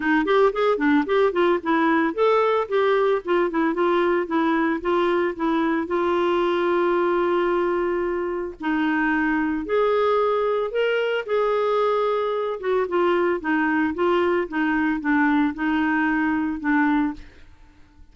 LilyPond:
\new Staff \with { instrumentName = "clarinet" } { \time 4/4 \tempo 4 = 112 dis'8 g'8 gis'8 d'8 g'8 f'8 e'4 | a'4 g'4 f'8 e'8 f'4 | e'4 f'4 e'4 f'4~ | f'1 |
dis'2 gis'2 | ais'4 gis'2~ gis'8 fis'8 | f'4 dis'4 f'4 dis'4 | d'4 dis'2 d'4 | }